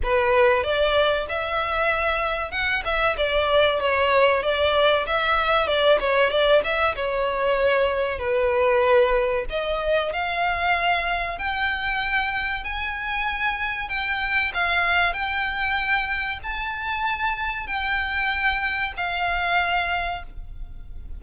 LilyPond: \new Staff \with { instrumentName = "violin" } { \time 4/4 \tempo 4 = 95 b'4 d''4 e''2 | fis''8 e''8 d''4 cis''4 d''4 | e''4 d''8 cis''8 d''8 e''8 cis''4~ | cis''4 b'2 dis''4 |
f''2 g''2 | gis''2 g''4 f''4 | g''2 a''2 | g''2 f''2 | }